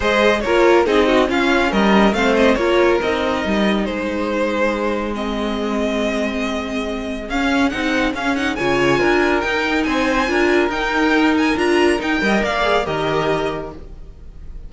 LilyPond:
<<
  \new Staff \with { instrumentName = "violin" } { \time 4/4 \tempo 4 = 140 dis''4 cis''4 dis''4 f''4 | dis''4 f''8 dis''8 cis''4 dis''4~ | dis''4 c''2. | dis''1~ |
dis''4 f''4 fis''4 f''8 fis''8 | gis''2 g''4 gis''4~ | gis''4 g''4. gis''8 ais''4 | g''4 f''4 dis''2 | }
  \new Staff \with { instrumentName = "violin" } { \time 4/4 c''4 ais'4 gis'8 fis'8 f'4 | ais'4 c''4 ais'2~ | ais'4 gis'2.~ | gis'1~ |
gis'1 | cis''4 ais'2 c''4 | ais'1~ | ais'8 dis''8 d''4 ais'2 | }
  \new Staff \with { instrumentName = "viola" } { \time 4/4 gis'4 f'4 dis'4 cis'4~ | cis'4 c'4 f'4 dis'4~ | dis'1 | c'1~ |
c'4 cis'4 dis'4 cis'8 dis'8 | f'2 dis'2 | f'4 dis'2 f'4 | dis'8 ais'4 gis'8 g'2 | }
  \new Staff \with { instrumentName = "cello" } { \time 4/4 gis4 ais4 c'4 cis'4 | g4 a4 ais4 c'4 | g4 gis2.~ | gis1~ |
gis4 cis'4 c'4 cis'4 | cis4 d'4 dis'4 c'4 | d'4 dis'2 d'4 | dis'8 g8 ais4 dis2 | }
>>